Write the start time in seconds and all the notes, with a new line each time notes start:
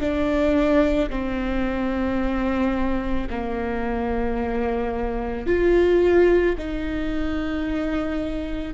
0.00 D4
1.10 C4
3.30 A#3
5.47 F4
6.58 D#4